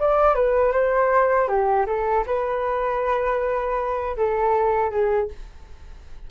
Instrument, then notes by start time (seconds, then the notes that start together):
flute
0.00 D5
0.35 B4
0.72 C5
1.48 G4
1.87 A4
2.27 B4
4.17 A4
4.91 G#4